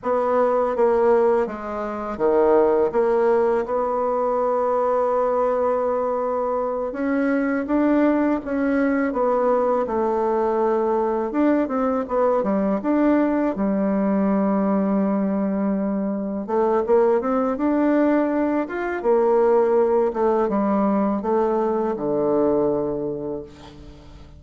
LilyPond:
\new Staff \with { instrumentName = "bassoon" } { \time 4/4 \tempo 4 = 82 b4 ais4 gis4 dis4 | ais4 b2.~ | b4. cis'4 d'4 cis'8~ | cis'8 b4 a2 d'8 |
c'8 b8 g8 d'4 g4.~ | g2~ g8 a8 ais8 c'8 | d'4. f'8 ais4. a8 | g4 a4 d2 | }